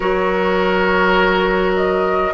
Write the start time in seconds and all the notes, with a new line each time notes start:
0.00 F#3 F#4 A#4 C#5
1.75 D#5